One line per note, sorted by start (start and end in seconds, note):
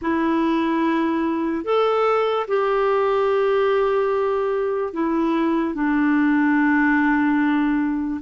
0.01 1.64 E4
1.64 2.46 A4
2.47 4.93 G4
4.93 5.74 E4
5.74 8.20 D4